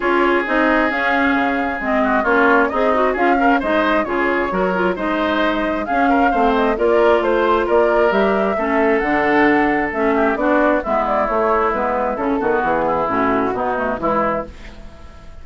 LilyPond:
<<
  \new Staff \with { instrumentName = "flute" } { \time 4/4 \tempo 4 = 133 cis''4 dis''4 f''2 | dis''4 cis''4 dis''4 f''4 | dis''4 cis''2 dis''4~ | dis''4 f''4. dis''8 d''4 |
c''4 d''4 e''2 | fis''2 e''4 d''4 | e''8 d''8 cis''4 b'4 a'4 | gis'4 fis'2 e'4 | }
  \new Staff \with { instrumentName = "oboe" } { \time 4/4 gis'1~ | gis'8 fis'8 f'4 dis'4 gis'8 ais'8 | c''4 gis'4 ais'4 c''4~ | c''4 gis'8 ais'8 c''4 ais'4 |
c''4 ais'2 a'4~ | a'2~ a'8 g'8 fis'4 | e'2.~ e'8 fis'8~ | fis'8 e'4. dis'4 e'4 | }
  \new Staff \with { instrumentName = "clarinet" } { \time 4/4 f'4 dis'4 cis'2 | c'4 cis'4 gis'8 fis'8 f'8 cis'8 | dis'4 f'4 fis'8 f'8 dis'4~ | dis'4 cis'4 c'4 f'4~ |
f'2 g'4 cis'4 | d'2 cis'4 d'4 | b4 a4 b4 cis'8 b8~ | b4 cis'4 b8 a8 gis4 | }
  \new Staff \with { instrumentName = "bassoon" } { \time 4/4 cis'4 c'4 cis'4 cis4 | gis4 ais4 c'4 cis'4 | gis4 cis4 fis4 gis4~ | gis4 cis'4 a4 ais4 |
a4 ais4 g4 a4 | d2 a4 b4 | gis4 a4 gis4 cis8 dis8 | e4 a,4 b,4 e4 | }
>>